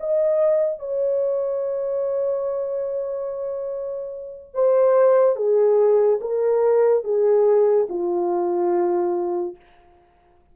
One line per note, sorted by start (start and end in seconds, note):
0.00 0.80 D#5
0.80 4.55 C#5
4.55 5.36 C5
5.36 6.20 G#4
6.21 7.04 A#4
7.04 7.87 G#4
7.89 9.56 F4